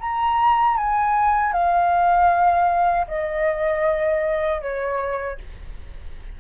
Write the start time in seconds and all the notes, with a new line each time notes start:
0.00 A#5
0.77 G#5
1.52 F5
3.07 D#5
4.61 C#5